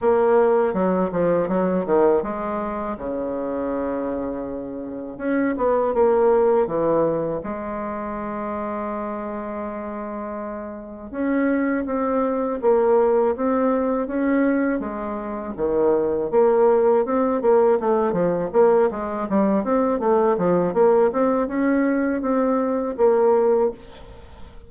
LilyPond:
\new Staff \with { instrumentName = "bassoon" } { \time 4/4 \tempo 4 = 81 ais4 fis8 f8 fis8 dis8 gis4 | cis2. cis'8 b8 | ais4 e4 gis2~ | gis2. cis'4 |
c'4 ais4 c'4 cis'4 | gis4 dis4 ais4 c'8 ais8 | a8 f8 ais8 gis8 g8 c'8 a8 f8 | ais8 c'8 cis'4 c'4 ais4 | }